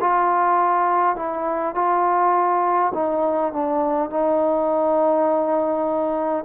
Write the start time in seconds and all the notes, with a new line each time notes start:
0.00 F4
1.16 E4
1.74 F4
2.94 D#4
3.52 D4
4.10 D#4